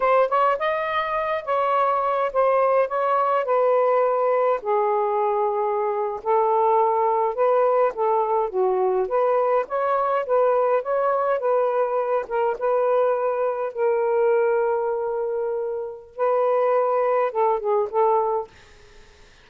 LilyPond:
\new Staff \with { instrumentName = "saxophone" } { \time 4/4 \tempo 4 = 104 c''8 cis''8 dis''4. cis''4. | c''4 cis''4 b'2 | gis'2~ gis'8. a'4~ a'16~ | a'8. b'4 a'4 fis'4 b'16~ |
b'8. cis''4 b'4 cis''4 b'16~ | b'4~ b'16 ais'8 b'2 ais'16~ | ais'1 | b'2 a'8 gis'8 a'4 | }